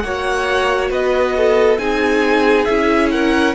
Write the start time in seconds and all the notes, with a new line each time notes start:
0.00 A#3 F#4 C#5 F#5
0.90 B3 B4 D#5
1.37 A4
1.78 C4 D#4 G#4 G#5
2.65 C#4 E4 E5
3.11 A#4 F#5